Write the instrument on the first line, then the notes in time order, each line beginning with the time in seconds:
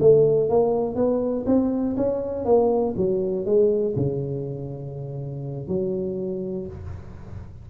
tuba
0.00 A3
0.49 A#3
0.95 B3
1.46 C4
1.97 C#4
2.45 A#3
2.96 F#3
3.45 G#3
3.96 C#3
5.67 F#3